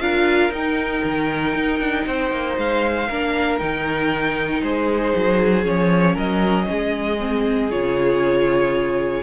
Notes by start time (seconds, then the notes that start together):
0.00 D4 F4 A#4 F5
0.49 D#4 G5
1.03 D#3
1.55 D#4
1.80 D4
2.06 C4 C5
2.31 A#3
2.57 G#3 F5
3.08 A#3 D4 A#4
3.58 D#3 D#4 G5
4.62 G#3 G#4 C5
5.16 F#3
5.63 F3 C#4 C#5
6.14 F#3 A#4 D#5
6.68 G#3 G#4
7.20 C4
7.71 C#3 F4 C#5